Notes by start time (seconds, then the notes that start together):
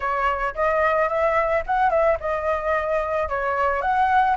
0.00 C#5
0.54 D#5
1.08 E5
1.66 F#5
1.90 E5
2.19 D#5
3.28 C#5
3.81 F#5